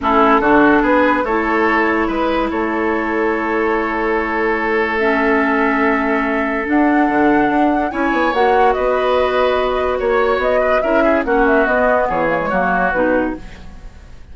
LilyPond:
<<
  \new Staff \with { instrumentName = "flute" } { \time 4/4 \tempo 4 = 144 a'2 b'4 cis''4~ | cis''4 b'4 cis''2~ | cis''1 | e''1 |
fis''2. gis''4 | fis''4 dis''2. | cis''4 dis''4 e''4 fis''8 e''8 | dis''4 cis''2 b'4 | }
  \new Staff \with { instrumentName = "oboe" } { \time 4/4 e'4 fis'4 gis'4 a'4~ | a'4 b'4 a'2~ | a'1~ | a'1~ |
a'2. cis''4~ | cis''4 b'2. | cis''4. b'8 ais'8 gis'8 fis'4~ | fis'4 gis'4 fis'2 | }
  \new Staff \with { instrumentName = "clarinet" } { \time 4/4 cis'4 d'2 e'4~ | e'1~ | e'1 | cis'1 |
d'2. e'4 | fis'1~ | fis'2 e'4 cis'4 | b4. ais16 gis16 ais4 dis'4 | }
  \new Staff \with { instrumentName = "bassoon" } { \time 4/4 a4 d4 b4 a4~ | a4 gis4 a2~ | a1~ | a1 |
d'4 d4 d'4 cis'8 b8 | ais4 b2. | ais4 b4 cis'4 ais4 | b4 e4 fis4 b,4 | }
>>